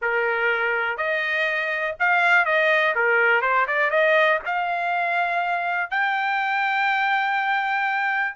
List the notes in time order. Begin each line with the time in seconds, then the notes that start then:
0.01 A#4
0.97 D#5
1.99 F5
2.45 D#5
2.95 A#4
3.41 C5
3.67 D5
3.90 D#5
4.45 F5
5.90 G5